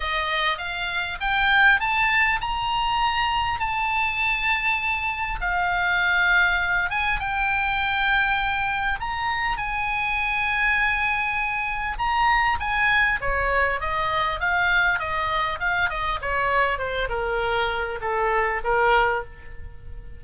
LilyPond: \new Staff \with { instrumentName = "oboe" } { \time 4/4 \tempo 4 = 100 dis''4 f''4 g''4 a''4 | ais''2 a''2~ | a''4 f''2~ f''8 gis''8 | g''2. ais''4 |
gis''1 | ais''4 gis''4 cis''4 dis''4 | f''4 dis''4 f''8 dis''8 cis''4 | c''8 ais'4. a'4 ais'4 | }